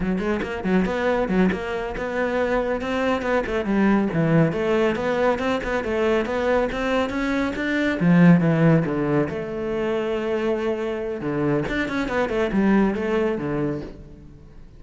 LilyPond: \new Staff \with { instrumentName = "cello" } { \time 4/4 \tempo 4 = 139 fis8 gis8 ais8 fis8 b4 fis8 ais8~ | ais8 b2 c'4 b8 | a8 g4 e4 a4 b8~ | b8 c'8 b8 a4 b4 c'8~ |
c'8 cis'4 d'4 f4 e8~ | e8 d4 a2~ a8~ | a2 d4 d'8 cis'8 | b8 a8 g4 a4 d4 | }